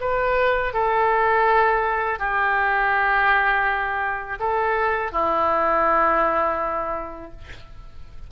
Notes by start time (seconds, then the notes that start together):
0.00 B4
0.74 A4
2.19 G4
4.39 A4
5.12 E4